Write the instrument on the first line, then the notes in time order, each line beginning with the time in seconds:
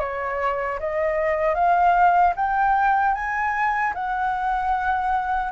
flute
0.00 C#5
0.80 D#5
1.55 F5
2.36 G5
3.15 G#5
3.94 F#5